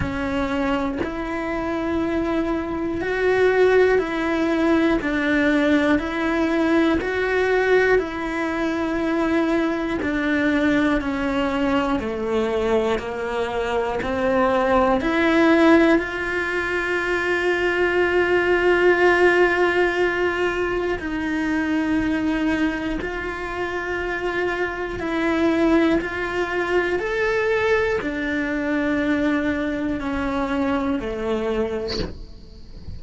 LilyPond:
\new Staff \with { instrumentName = "cello" } { \time 4/4 \tempo 4 = 60 cis'4 e'2 fis'4 | e'4 d'4 e'4 fis'4 | e'2 d'4 cis'4 | a4 ais4 c'4 e'4 |
f'1~ | f'4 dis'2 f'4~ | f'4 e'4 f'4 a'4 | d'2 cis'4 a4 | }